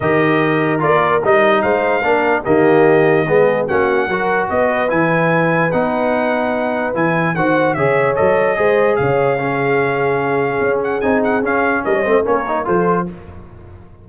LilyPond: <<
  \new Staff \with { instrumentName = "trumpet" } { \time 4/4 \tempo 4 = 147 dis''2 d''4 dis''4 | f''2 dis''2~ | dis''4 fis''2 dis''4 | gis''2 fis''2~ |
fis''4 gis''4 fis''4 e''4 | dis''2 f''2~ | f''2~ f''8 fis''8 gis''8 fis''8 | f''4 dis''4 cis''4 c''4 | }
  \new Staff \with { instrumentName = "horn" } { \time 4/4 ais'1 | c''4 ais'4 g'2 | gis'4 fis'4 ais'4 b'4~ | b'1~ |
b'2 c''4 cis''4~ | cis''4 c''4 cis''4 gis'4~ | gis'1~ | gis'4 ais'16 cis''16 c''8 ais'4 a'4 | }
  \new Staff \with { instrumentName = "trombone" } { \time 4/4 g'2 f'4 dis'4~ | dis'4 d'4 ais2 | b4 cis'4 fis'2 | e'2 dis'2~ |
dis'4 e'4 fis'4 gis'4 | a'4 gis'2 cis'4~ | cis'2. dis'4 | cis'4. c'8 cis'8 dis'8 f'4 | }
  \new Staff \with { instrumentName = "tuba" } { \time 4/4 dis2 ais4 g4 | gis4 ais4 dis2 | gis4 ais4 fis4 b4 | e2 b2~ |
b4 e4 dis4 cis4 | fis4 gis4 cis2~ | cis2 cis'4 c'4 | cis'4 g8 a8 ais4 f4 | }
>>